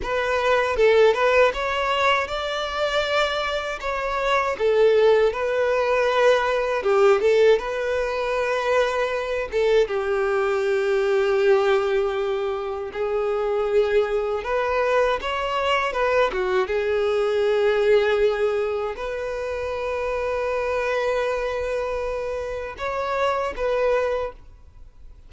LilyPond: \new Staff \with { instrumentName = "violin" } { \time 4/4 \tempo 4 = 79 b'4 a'8 b'8 cis''4 d''4~ | d''4 cis''4 a'4 b'4~ | b'4 g'8 a'8 b'2~ | b'8 a'8 g'2.~ |
g'4 gis'2 b'4 | cis''4 b'8 fis'8 gis'2~ | gis'4 b'2.~ | b'2 cis''4 b'4 | }